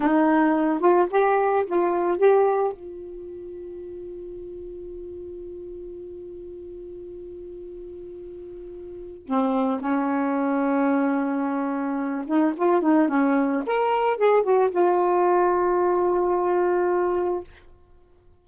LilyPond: \new Staff \with { instrumentName = "saxophone" } { \time 4/4 \tempo 4 = 110 dis'4. f'8 g'4 f'4 | g'4 f'2.~ | f'1~ | f'1~ |
f'4 c'4 cis'2~ | cis'2~ cis'8 dis'8 f'8 dis'8 | cis'4 ais'4 gis'8 fis'8 f'4~ | f'1 | }